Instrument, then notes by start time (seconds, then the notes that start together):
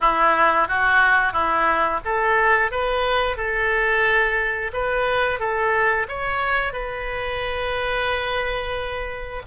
oboe
0.01 E4
0.67 F#4
1.32 E4
2.04 A4
2.71 B4
3.36 A4
4.73 B4
5.39 A4
6.08 C#5
6.72 B4